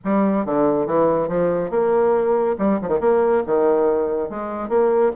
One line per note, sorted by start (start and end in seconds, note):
0.04 0.45 G3
0.45 0.86 D3
0.86 1.28 E3
1.28 1.70 F3
1.70 2.56 A#3
2.58 2.79 G3
2.82 2.88 F3
2.88 2.99 D#3
3.00 3.43 A#3
3.46 4.29 D#3
4.29 4.69 G#3
4.69 5.11 A#3